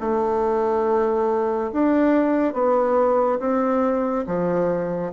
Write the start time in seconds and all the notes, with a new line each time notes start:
0.00 A3
1.73 D4
2.53 B3
3.39 C4
4.27 F3